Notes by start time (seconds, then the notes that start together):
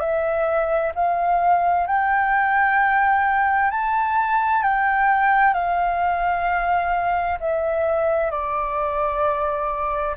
0.00 E5
0.95 F5
1.87 G5
3.70 A5
4.63 G5
5.54 F5
7.40 E5
8.31 D5